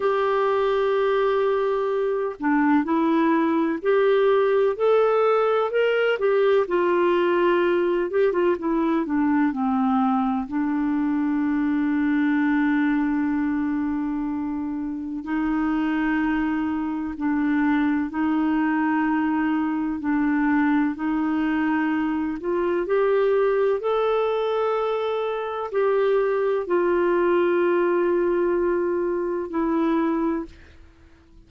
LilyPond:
\new Staff \with { instrumentName = "clarinet" } { \time 4/4 \tempo 4 = 63 g'2~ g'8 d'8 e'4 | g'4 a'4 ais'8 g'8 f'4~ | f'8 g'16 f'16 e'8 d'8 c'4 d'4~ | d'1 |
dis'2 d'4 dis'4~ | dis'4 d'4 dis'4. f'8 | g'4 a'2 g'4 | f'2. e'4 | }